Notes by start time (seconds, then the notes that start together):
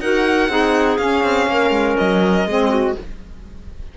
0.00 D#4 F#4 A#4 F#5
0.48 C4 D#4 G#4
0.97 C#4 F5
1.24 C4
1.47 A#3 A#4
1.71 G#3
1.97 F#3 D#5
2.46 G#3 C4 G#4
2.69 F#4